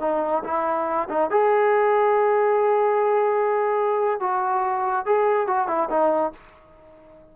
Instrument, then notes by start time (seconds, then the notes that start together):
trombone
0.00 D#4
0.44 E4
1.09 D#4
1.30 G#4
4.20 F#4
5.06 G#4
5.47 F#4
5.67 E4
5.90 D#4